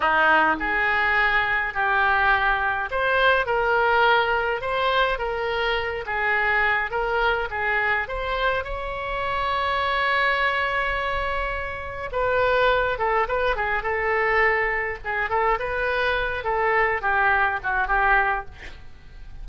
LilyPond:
\new Staff \with { instrumentName = "oboe" } { \time 4/4 \tempo 4 = 104 dis'4 gis'2 g'4~ | g'4 c''4 ais'2 | c''4 ais'4. gis'4. | ais'4 gis'4 c''4 cis''4~ |
cis''1~ | cis''4 b'4. a'8 b'8 gis'8 | a'2 gis'8 a'8 b'4~ | b'8 a'4 g'4 fis'8 g'4 | }